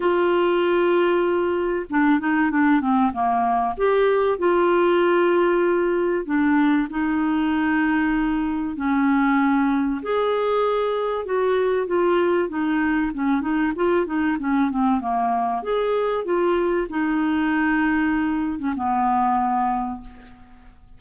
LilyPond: \new Staff \with { instrumentName = "clarinet" } { \time 4/4 \tempo 4 = 96 f'2. d'8 dis'8 | d'8 c'8 ais4 g'4 f'4~ | f'2 d'4 dis'4~ | dis'2 cis'2 |
gis'2 fis'4 f'4 | dis'4 cis'8 dis'8 f'8 dis'8 cis'8 c'8 | ais4 gis'4 f'4 dis'4~ | dis'4.~ dis'16 cis'16 b2 | }